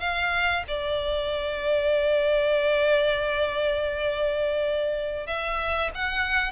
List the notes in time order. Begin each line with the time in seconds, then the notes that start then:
0.00 F5
0.68 D5
5.27 E5
5.95 F#5